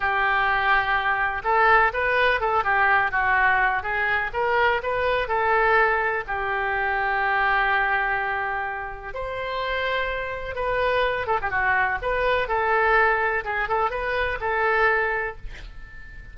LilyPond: \new Staff \with { instrumentName = "oboe" } { \time 4/4 \tempo 4 = 125 g'2. a'4 | b'4 a'8 g'4 fis'4. | gis'4 ais'4 b'4 a'4~ | a'4 g'2.~ |
g'2. c''4~ | c''2 b'4. a'16 g'16 | fis'4 b'4 a'2 | gis'8 a'8 b'4 a'2 | }